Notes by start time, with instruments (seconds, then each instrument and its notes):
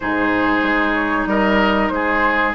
0.00 bassoon G#2, clarinet D#4, oboe G#4, flute C5
0.62 bassoon G#3
0.94 flute C#5
1.26 bassoon G3, oboe A#4, flute D#5
1.88 bassoon G#3, oboe G#4, flute C5